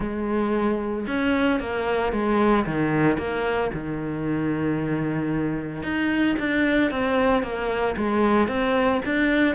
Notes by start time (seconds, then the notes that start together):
0.00 G#3
1.07 C#4
1.60 A#3
2.12 G#3
2.65 D#3
3.17 A#3
3.73 D#3
5.82 D#4
6.39 D4
6.91 C4
7.42 A#3
7.96 G#3
8.48 C4
9.05 D4